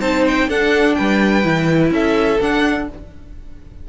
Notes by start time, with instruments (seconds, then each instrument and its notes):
0.00 cello C4, viola D#4, violin C5 A5
0.27 violin G5
0.47 cello D4, viola D4, violin A4 F#5
0.94 cello G3, violin B4 G5
1.43 cello E3, viola E4
1.91 cello C#4, violin A4 E5
2.40 cello D4, viola D4, violin F#5